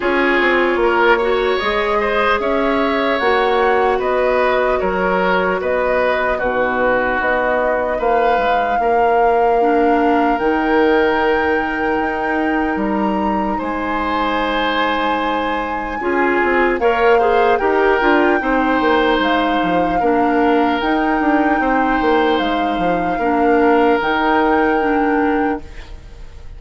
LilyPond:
<<
  \new Staff \with { instrumentName = "flute" } { \time 4/4 \tempo 4 = 75 cis''2 dis''4 e''4 | fis''4 dis''4 cis''4 dis''4 | b'4 dis''4 f''2~ | f''4 g''2. |
ais''4 gis''2.~ | gis''4 f''4 g''2 | f''2 g''2 | f''2 g''2 | }
  \new Staff \with { instrumentName = "oboe" } { \time 4/4 gis'4 ais'8 cis''4 c''8 cis''4~ | cis''4 b'4 ais'4 b'4 | fis'2 b'4 ais'4~ | ais'1~ |
ais'4 c''2. | gis'4 cis''8 c''8 ais'4 c''4~ | c''4 ais'2 c''4~ | c''4 ais'2. | }
  \new Staff \with { instrumentName = "clarinet" } { \time 4/4 f'4. fis'8 gis'2 | fis'1 | dis'1 | d'4 dis'2.~ |
dis'1 | f'4 ais'8 gis'8 g'8 f'8 dis'4~ | dis'4 d'4 dis'2~ | dis'4 d'4 dis'4 d'4 | }
  \new Staff \with { instrumentName = "bassoon" } { \time 4/4 cis'8 c'8 ais4 gis4 cis'4 | ais4 b4 fis4 b4 | b,4 b4 ais8 gis8 ais4~ | ais4 dis2 dis'4 |
g4 gis2. | cis'8 c'8 ais4 dis'8 d'8 c'8 ais8 | gis8 f8 ais4 dis'8 d'8 c'8 ais8 | gis8 f8 ais4 dis2 | }
>>